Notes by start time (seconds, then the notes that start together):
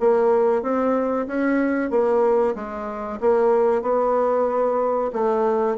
0.00 A#3
0.62 C4
1.27 C#4
1.90 A#3
2.55 G#3
3.20 A#3
3.82 B3
5.13 A3